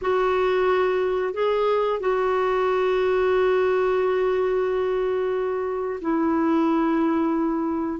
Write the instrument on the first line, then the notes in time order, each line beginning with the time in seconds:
clarinet
0.01 F#4
1.33 G#4
1.99 F#4
6.01 E4